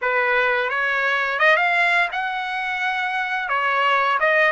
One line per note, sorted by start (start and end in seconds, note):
0.01 0.69 B4
0.69 1.39 C#5
1.39 1.56 D#5
1.56 2.08 F5
2.12 3.49 F#5
3.49 4.18 C#5
4.20 4.52 D#5